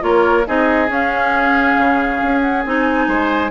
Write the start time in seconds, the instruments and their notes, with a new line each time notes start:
0.00 bassoon A#3, clarinet F4, oboe A#4, flute C#5
0.46 bassoon C4, clarinet D#4, oboe G#4, flute D#5
0.88 clarinet C#4, bassoon C#4, flute F5
1.77 bassoon C#3
2.22 bassoon C#4
2.41 flute F#5
2.65 bassoon C4, clarinet D#4, flute G#5
3.07 bassoon G#3, oboe C5